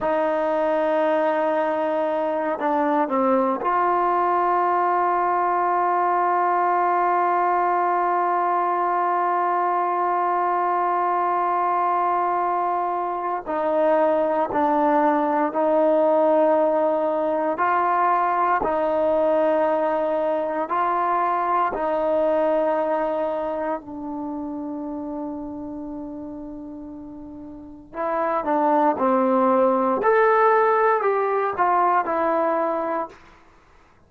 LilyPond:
\new Staff \with { instrumentName = "trombone" } { \time 4/4 \tempo 4 = 58 dis'2~ dis'8 d'8 c'8 f'8~ | f'1~ | f'1~ | f'4 dis'4 d'4 dis'4~ |
dis'4 f'4 dis'2 | f'4 dis'2 d'4~ | d'2. e'8 d'8 | c'4 a'4 g'8 f'8 e'4 | }